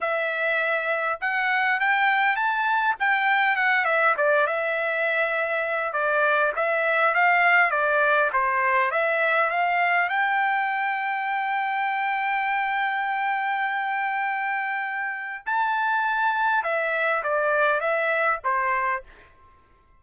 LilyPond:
\new Staff \with { instrumentName = "trumpet" } { \time 4/4 \tempo 4 = 101 e''2 fis''4 g''4 | a''4 g''4 fis''8 e''8 d''8 e''8~ | e''2 d''4 e''4 | f''4 d''4 c''4 e''4 |
f''4 g''2.~ | g''1~ | g''2 a''2 | e''4 d''4 e''4 c''4 | }